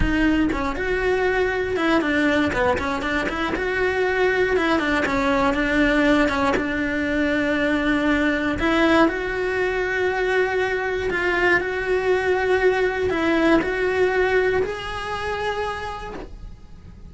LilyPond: \new Staff \with { instrumentName = "cello" } { \time 4/4 \tempo 4 = 119 dis'4 cis'8 fis'2 e'8 | d'4 b8 cis'8 d'8 e'8 fis'4~ | fis'4 e'8 d'8 cis'4 d'4~ | d'8 cis'8 d'2.~ |
d'4 e'4 fis'2~ | fis'2 f'4 fis'4~ | fis'2 e'4 fis'4~ | fis'4 gis'2. | }